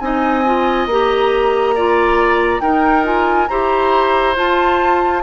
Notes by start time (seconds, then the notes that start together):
0.00 C4 D#4 D#5 G#5
0.46 F4
0.87 A#3 G4
0.93 A#5
1.75 F4 D5
2.61 D#4 A#4 G5
3.04 F4 G#5
3.48 E4 G4 C5 A#5
4.36 F4 A5